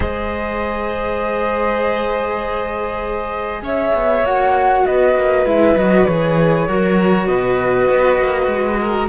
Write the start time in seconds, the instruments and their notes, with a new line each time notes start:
0.00 cello G#3 G#4, violin C5, flute D#5
3.62 cello C#4, violin C#5, flute E5
3.94 cello B3
4.23 cello A#3 F#4, flute F#5
4.85 cello B3, violin B4, flute D#5
5.15 cello A#3
5.45 cello G#3 E4, flute E5
5.75 cello F#3 F#4, flute D#5
6.05 cello E3 G#4, flute C#5
6.67 cello F#3 F#4, violin A#4
7.26 cello B2, violin B4, flute D#5
7.89 cello B3
8.18 cello A#3
8.47 cello G#3
8.79 violin A#4